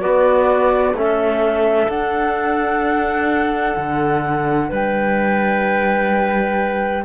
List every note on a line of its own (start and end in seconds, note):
0.00 0.94 B3
0.00 0.94 F#4
0.00 0.95 D5
0.94 1.88 A3
0.94 1.89 C#4
0.94 4.69 A4
0.94 1.89 E5
1.88 3.76 D4
1.88 7.05 D4
1.88 4.71 F#5
3.77 4.71 D3
4.69 7.05 G3
4.69 7.03 B4
4.69 7.05 G5